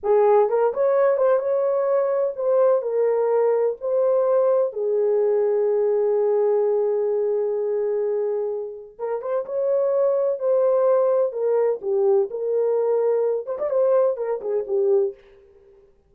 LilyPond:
\new Staff \with { instrumentName = "horn" } { \time 4/4 \tempo 4 = 127 gis'4 ais'8 cis''4 c''8 cis''4~ | cis''4 c''4 ais'2 | c''2 gis'2~ | gis'1~ |
gis'2. ais'8 c''8 | cis''2 c''2 | ais'4 g'4 ais'2~ | ais'8 c''16 d''16 c''4 ais'8 gis'8 g'4 | }